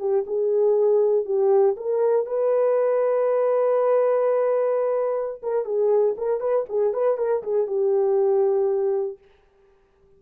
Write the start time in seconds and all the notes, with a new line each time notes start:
0.00 G4
0.27 G#4
1.26 G4
1.77 A#4
2.27 B4
5.43 A#4
5.65 G#4
6.18 A#4
6.41 B4
6.69 G#4
6.94 B4
7.18 A#4
7.43 G#4
7.67 G4